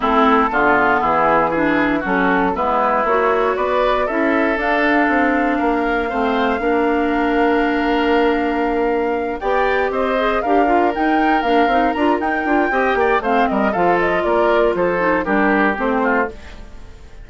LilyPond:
<<
  \new Staff \with { instrumentName = "flute" } { \time 4/4 \tempo 4 = 118 a'2 gis'4 e'4 | a'4 b'4 cis''4 d''4 | e''4 f''2.~ | f''1~ |
f''2~ f''8 g''4 dis''8~ | dis''8 f''4 g''4 f''4 ais''8 | g''2 f''8 dis''8 f''8 dis''8 | d''4 c''4 ais'4 c''4 | }
  \new Staff \with { instrumentName = "oboe" } { \time 4/4 e'4 f'4 e'4 gis'4 | fis'4 e'2 b'4 | a'2. ais'4 | c''4 ais'2.~ |
ais'2~ ais'8 d''4 c''8~ | c''8 ais'2.~ ais'8~ | ais'4 dis''8 d''8 c''8 ais'8 a'4 | ais'4 a'4 g'4. f'8 | }
  \new Staff \with { instrumentName = "clarinet" } { \time 4/4 c'4 b2 d'4 | cis'4 b4 fis'2 | e'4 d'2. | c'4 d'2.~ |
d'2~ d'8 g'4. | gis'8 g'8 f'8 dis'4 d'8 dis'8 f'8 | dis'8 f'8 g'4 c'4 f'4~ | f'4. dis'8 d'4 c'4 | }
  \new Staff \with { instrumentName = "bassoon" } { \time 4/4 a4 d4 e2 | fis4 gis4 ais4 b4 | cis'4 d'4 c'4 ais4 | a4 ais2.~ |
ais2~ ais8 b4 c'8~ | c'8 d'4 dis'4 ais8 c'8 d'8 | dis'8 d'8 c'8 ais8 a8 g8 f4 | ais4 f4 g4 a4 | }
>>